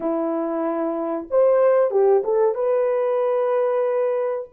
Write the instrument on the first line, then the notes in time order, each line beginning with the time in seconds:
horn
0.00 E4
1.30 C5
1.90 G4
2.24 A4
2.55 B4